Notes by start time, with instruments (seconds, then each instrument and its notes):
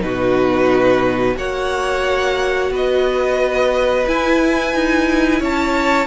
0.00 cello B2, viola D#4, violin F#4 B4
1.36 cello A#3, viola F#4, violin C#5 F#5
2.71 cello B3, violin B4 D#5
4.07 viola E4, cello E4, violin G#5
4.74 cello D#4
5.40 cello C#4, violin C#5 A5